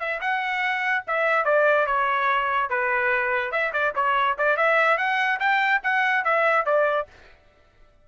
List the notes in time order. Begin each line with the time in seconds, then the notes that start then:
0.00 E5
0.21 F#5
1.07 E5
1.45 D5
1.87 C#5
2.70 B4
3.52 E5
3.73 D5
3.95 C#5
4.38 D5
4.57 E5
4.98 F#5
5.40 G5
5.83 F#5
6.25 E5
6.66 D5